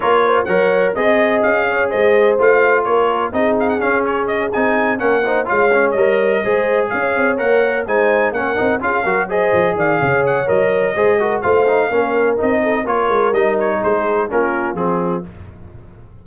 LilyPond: <<
  \new Staff \with { instrumentName = "trumpet" } { \time 4/4 \tempo 4 = 126 cis''4 fis''4 dis''4 f''4 | dis''4 f''4 cis''4 dis''8 f''16 fis''16 | f''8 cis''8 dis''8 gis''4 fis''4 f''8~ | f''8 dis''2 f''4 fis''8~ |
fis''8 gis''4 fis''4 f''4 dis''8~ | dis''8 f''4 fis''8 dis''2 | f''2 dis''4 cis''4 | dis''8 cis''8 c''4 ais'4 gis'4 | }
  \new Staff \with { instrumentName = "horn" } { \time 4/4 ais'8 c''8 cis''4 dis''4. cis''8 | c''2 ais'4 gis'4~ | gis'2~ gis'8 ais'8 c''8 cis''8~ | cis''4. c''4 cis''4.~ |
cis''8 c''4 ais'4 gis'8 ais'8 c''8~ | c''8 d''8 cis''2 c''8 ais'8 | c''4 ais'4. a'8 ais'4~ | ais'4 gis'4 f'2 | }
  \new Staff \with { instrumentName = "trombone" } { \time 4/4 f'4 ais'4 gis'2~ | gis'4 f'2 dis'4 | cis'4. dis'4 cis'8 dis'8 f'8 | cis'8 ais'4 gis'2 ais'8~ |
ais'8 dis'4 cis'8 dis'8 f'8 fis'8 gis'8~ | gis'2 ais'4 gis'8 fis'8 | f'8 dis'8 cis'4 dis'4 f'4 | dis'2 cis'4 c'4 | }
  \new Staff \with { instrumentName = "tuba" } { \time 4/4 ais4 fis4 c'4 cis'4 | gis4 a4 ais4 c'4 | cis'4. c'4 ais4 gis8~ | gis8 g4 gis4 cis'8 c'8 ais8~ |
ais8 gis4 ais8 c'8 cis'8 fis4 | f8 dis8 cis4 fis4 gis4 | a4 ais4 c'4 ais8 gis8 | g4 gis4 ais4 f4 | }
>>